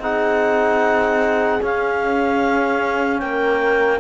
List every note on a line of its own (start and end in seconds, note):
0.00 1.60 C4
0.00 1.61 D#4
0.00 3.22 G#4
0.00 1.62 F#5
1.61 4.00 C#4
1.61 3.22 C#4
1.61 3.20 F5
3.20 4.00 A#3
3.20 4.00 A#4
3.20 4.00 G5